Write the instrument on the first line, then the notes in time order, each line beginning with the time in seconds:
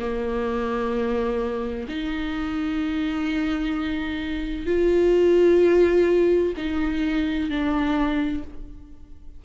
viola
0.00 A#3
1.89 D#4
4.67 F4
6.58 D#4
7.50 D4